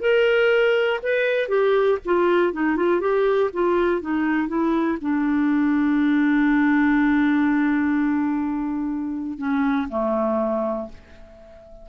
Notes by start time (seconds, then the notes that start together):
0.00 A#4
1.02 B4
1.48 G4
2.05 F4
2.53 D#4
2.76 F4
3.00 G4
3.53 F4
4.01 D#4
4.48 E4
5.01 D4
9.38 C#4
9.88 A3